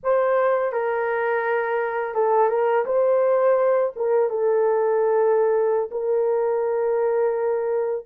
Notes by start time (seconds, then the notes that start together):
0.03 C5
0.72 A#4
2.14 A4
2.49 A#4
2.85 C5
3.95 A#4
4.29 A4
5.91 A#4